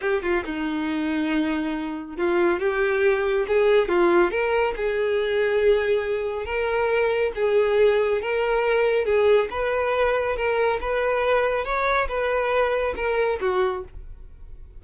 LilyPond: \new Staff \with { instrumentName = "violin" } { \time 4/4 \tempo 4 = 139 g'8 f'8 dis'2.~ | dis'4 f'4 g'2 | gis'4 f'4 ais'4 gis'4~ | gis'2. ais'4~ |
ais'4 gis'2 ais'4~ | ais'4 gis'4 b'2 | ais'4 b'2 cis''4 | b'2 ais'4 fis'4 | }